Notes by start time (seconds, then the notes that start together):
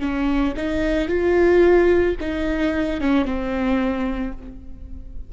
0.00 C#4
0.57 D#4
1.08 F4
2.21 D#4
3.01 C#4
3.25 C4